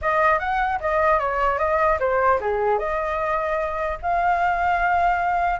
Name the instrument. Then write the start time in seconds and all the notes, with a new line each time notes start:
flute
0.01 D#5
0.39 F#5
0.80 D#5
1.19 C#5
1.58 D#5
1.99 C5
2.40 G#4
2.78 D#5
4.02 F5